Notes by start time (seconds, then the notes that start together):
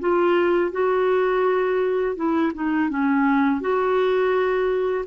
0.00 F4
0.72 F#4
2.16 E4
2.55 D#4
2.90 C#4
3.61 F#4